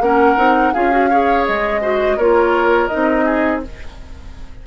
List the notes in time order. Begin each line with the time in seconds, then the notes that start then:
0.00 A#3 C#4 A#4 F#5
0.37 C4 D#4
0.73 C#4 F4 G#4 F5
0.91 F#4
1.10 G#4 C#5
1.46 G#3 D#5
1.81 F#4 C5
2.16 A#3 F4 A#4 C#5
2.87 D#4 D#5
2.94 C4
3.25 G#4